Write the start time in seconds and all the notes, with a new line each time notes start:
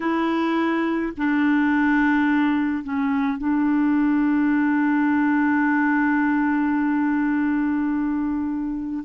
0.00 E4
1.17 D4
2.83 C#4
3.38 D4